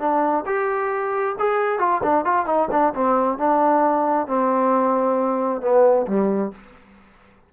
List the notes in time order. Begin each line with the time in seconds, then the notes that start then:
0.00 D4
0.46 G4
1.39 G#4
1.79 F4
2.04 D4
2.25 F4
2.46 D#4
2.72 D4
2.95 C4
3.38 D4
4.28 C4
5.62 B3
6.08 G3